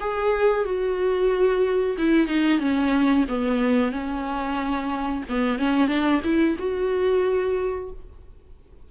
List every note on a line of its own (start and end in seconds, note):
0.00 0.65 G#4
0.65 1.97 F#4
1.98 2.27 E4
2.27 2.60 D#4
2.60 3.25 C#4
3.28 3.92 B3
3.92 5.24 C#4
5.29 5.59 B3
5.59 5.88 C#4
5.88 6.21 D4
6.24 6.57 E4
6.59 7.91 F#4